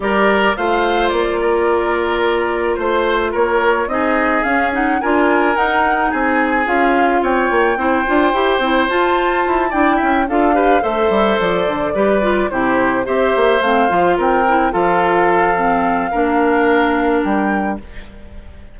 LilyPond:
<<
  \new Staff \with { instrumentName = "flute" } { \time 4/4 \tempo 4 = 108 d''4 f''4 d''2~ | d''4 c''4 cis''4 dis''4 | f''8 fis''8 gis''4 fis''4 gis''4 | f''4 g''2. |
a''4. g''4 f''4 e''8~ | e''8 d''2 c''4 e''8~ | e''8 f''4 g''4 f''4.~ | f''2. g''4 | }
  \new Staff \with { instrumentName = "oboe" } { \time 4/4 ais'4 c''4. ais'4.~ | ais'4 c''4 ais'4 gis'4~ | gis'4 ais'2 gis'4~ | gis'4 cis''4 c''2~ |
c''4. d''8 e''8 a'8 b'8 c''8~ | c''4. b'4 g'4 c''8~ | c''4. ais'4 a'4.~ | a'4 ais'2. | }
  \new Staff \with { instrumentName = "clarinet" } { \time 4/4 g'4 f'2.~ | f'2. dis'4 | cis'8 dis'8 f'4 dis'2 | f'2 e'8 f'8 g'8 e'8 |
f'4. e'4 f'8 g'8 a'8~ | a'4. g'8 f'8 e'4 g'8~ | g'8 c'8 f'4 e'8 f'4. | c'4 d'2. | }
  \new Staff \with { instrumentName = "bassoon" } { \time 4/4 g4 a4 ais2~ | ais4 a4 ais4 c'4 | cis'4 d'4 dis'4 c'4 | cis'4 c'8 ais8 c'8 d'8 e'8 c'8 |
f'4 e'8 d'8 cis'8 d'4 a8 | g8 f8 d8 g4 c4 c'8 | ais8 a8 f8 c'4 f4.~ | f4 ais2 g4 | }
>>